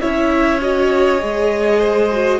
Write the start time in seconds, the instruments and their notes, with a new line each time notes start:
0.00 cello C#4, viola E4, violin C#5 E5
0.61 viola F#4, violin D#5
1.19 cello G#3, viola G#4
1.79 violin C5
2.11 viola F#4